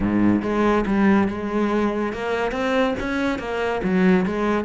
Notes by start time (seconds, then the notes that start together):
0.00 G#2
0.42 G#3
0.86 G3
1.28 G#3
2.13 A#3
2.51 C4
2.99 C#4
3.38 A#3
3.83 F#3
4.25 G#3